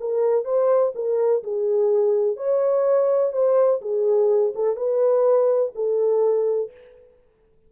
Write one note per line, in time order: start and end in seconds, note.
0.00 0.45 A#4
0.45 0.93 C5
0.95 1.43 A#4
1.44 2.37 G#4
2.37 3.33 C#5
3.33 3.81 C5
3.82 4.54 G#4
4.55 4.76 A4
4.76 5.72 B4
5.75 6.71 A4